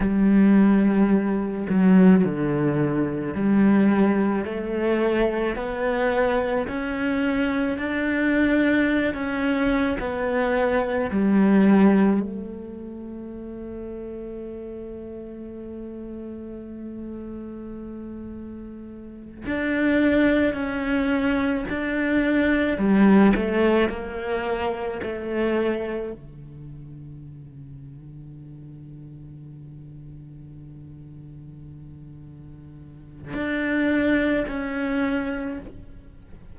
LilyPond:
\new Staff \with { instrumentName = "cello" } { \time 4/4 \tempo 4 = 54 g4. fis8 d4 g4 | a4 b4 cis'4 d'4~ | d'16 cis'8. b4 g4 a4~ | a1~ |
a4. d'4 cis'4 d'8~ | d'8 g8 a8 ais4 a4 d8~ | d1~ | d2 d'4 cis'4 | }